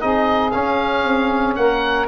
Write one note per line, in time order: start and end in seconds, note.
0.00 0.55 C4
0.00 0.52 D#4
0.00 1.58 G#4
0.00 0.51 D#5
0.51 2.08 C#4
0.51 1.04 C#4
0.51 1.54 F5
1.04 1.56 C4
1.55 2.08 A#3
1.55 2.08 A#4
1.55 2.07 F#5